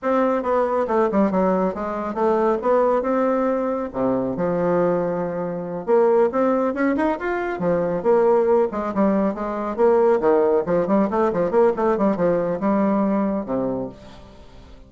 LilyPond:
\new Staff \with { instrumentName = "bassoon" } { \time 4/4 \tempo 4 = 138 c'4 b4 a8 g8 fis4 | gis4 a4 b4 c'4~ | c'4 c4 f2~ | f4. ais4 c'4 cis'8 |
dis'8 f'4 f4 ais4. | gis8 g4 gis4 ais4 dis8~ | dis8 f8 g8 a8 f8 ais8 a8 g8 | f4 g2 c4 | }